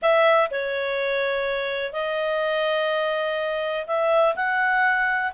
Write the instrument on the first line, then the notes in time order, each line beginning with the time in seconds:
clarinet
0.02 E5
0.50 C#5
1.92 D#5
3.86 E5
4.35 F#5